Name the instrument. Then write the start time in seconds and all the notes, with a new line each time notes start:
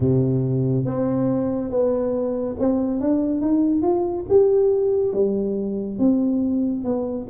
tuba
0.00 C3
0.85 C4
1.70 B3
2.59 C4
3.00 D4
3.41 D#4
3.82 F4
4.29 G4
5.13 G3
5.98 C4
6.84 B3